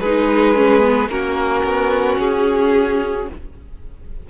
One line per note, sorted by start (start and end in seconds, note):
0.00 1.09 G#3
0.00 0.56 D#4
0.00 1.10 G#4
0.00 1.09 B4
0.56 0.80 C#4
0.80 1.07 B3
1.09 1.63 A#3
1.09 3.29 C#4
1.09 3.30 F#4
1.09 2.19 A#4
1.64 2.18 B3
2.19 3.28 C#4
2.19 3.29 G#4